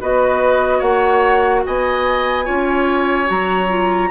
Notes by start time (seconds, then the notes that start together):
0.00 B3 F#4 B4 D#5
0.78 A#3 C#5 F#5
1.66 B3 D#5 G#5
2.45 C#4 F4 C#5
3.25 F#3 F#4 A#5
3.68 F4